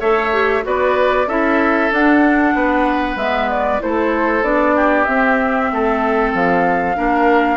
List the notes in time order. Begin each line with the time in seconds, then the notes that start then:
0.00 A3 A4 C#5 E5
0.33 G4
0.63 B3 F#4 B4 D5
1.27 C#4 E4 A4 E5
1.91 D4 F#5
2.55 B3 B4
3.16 G#3 B3 E5
3.49 D5
3.80 A3 E4 A4 C5
4.43 B3 D4 D5
4.76 G4
5.04 C4 E5
5.72 A3 A4
6.34 F3 F5
6.95 A#3 D4 A#4